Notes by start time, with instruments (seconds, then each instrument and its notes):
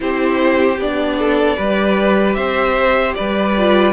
0.00 cello C4, viola E4, violin G4 C5
0.78 cello B3, viola D4, violin D5
1.18 violin A4
1.56 cello G3, viola G4, violin B4
2.34 cello C4, violin C5 E5
3.14 cello G3, violin B4 D5
3.57 viola F4